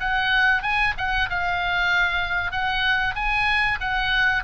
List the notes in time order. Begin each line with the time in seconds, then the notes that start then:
0.00 F#5
0.62 G#5
0.98 F#5
1.29 F5
2.51 F#5
3.15 G#5
3.80 F#5